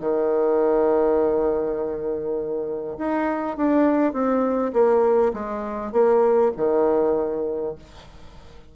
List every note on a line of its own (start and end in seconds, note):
0.00 2.97 D#3
2.98 3.57 D#4
3.57 4.13 D4
4.13 4.72 C4
4.73 5.32 A#3
5.33 5.92 G#3
5.92 6.52 A#3
6.56 7.75 D#3